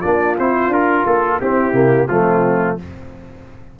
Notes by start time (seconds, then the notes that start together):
0.00 A#3 D4 F4 D5
0.39 C4 E4 C5
0.68 D4 F4 A#4
1.06 A#3 A4
1.40 C4 E4 G4
1.73 C3 A#3
2.08 F3 A3 C4 F4